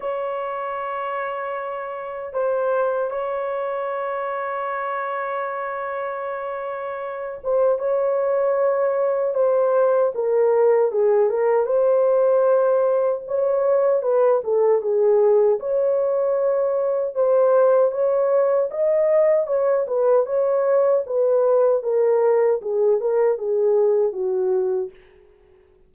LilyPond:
\new Staff \with { instrumentName = "horn" } { \time 4/4 \tempo 4 = 77 cis''2. c''4 | cis''1~ | cis''4. c''8 cis''2 | c''4 ais'4 gis'8 ais'8 c''4~ |
c''4 cis''4 b'8 a'8 gis'4 | cis''2 c''4 cis''4 | dis''4 cis''8 b'8 cis''4 b'4 | ais'4 gis'8 ais'8 gis'4 fis'4 | }